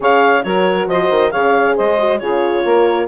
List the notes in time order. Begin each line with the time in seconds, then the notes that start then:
0.00 C#3 G#4 C#5 F5
0.43 F#3 F#4 A#4 C#5
0.86 F3 C5 D#5
1.10 D#3
1.30 C#3 G#4 C#5 F5
1.76 G#3 C5 D#5
1.98 F#4
2.18 C#3 F4 G#4 C#5
2.64 A#3 A#4